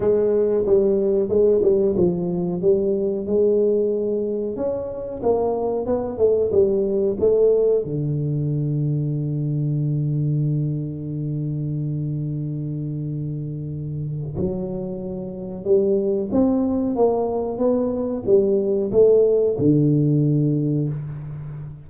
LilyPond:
\new Staff \with { instrumentName = "tuba" } { \time 4/4 \tempo 4 = 92 gis4 g4 gis8 g8 f4 | g4 gis2 cis'4 | ais4 b8 a8 g4 a4 | d1~ |
d1~ | d2 fis2 | g4 c'4 ais4 b4 | g4 a4 d2 | }